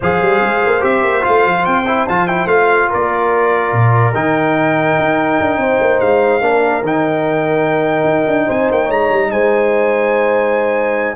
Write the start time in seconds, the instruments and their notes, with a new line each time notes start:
0.00 tuba F3, trombone G#4, horn C5, trumpet F5
0.21 tuba G3
0.42 tuba G#3
0.66 tuba A#3
0.80 tuba C4, trombone G4, trumpet E5
1.03 tuba A#3
1.21 trombone F4, trumpet F5
1.27 tuba A3
1.45 tuba F3
1.65 tuba C4, trumpet G5
1.86 trombone E4
2.08 tuba F3, trombone F4, trumpet A5
2.27 trombone E4, trumpet G5
2.45 tuba A3, trombone F4, trumpet F5
2.89 tuba A#3, horn A#4, trumpet D5
3.72 tuba A#2
4.14 tuba D#3, trombone D#4, trumpet G5
4.98 tuba D#4
5.39 tuba D4
5.57 tuba C4, horn C5
5.80 tuba A#3
6.00 tuba G#3, trumpet F5
6.41 tuba A#3, trombone D4, horn A#4
6.82 tuba D#3, trombone D#4, trumpet G5
8.04 tuba D#4
8.27 tuba D4
8.46 tuba C4, horn C5, trumpet G#5
8.70 tuba A#3, trumpet G5
8.85 tuba G#3, horn C#5, trumpet A#5
9.11 tuba G3
9.31 tuba G#3, horn C5, trumpet G#5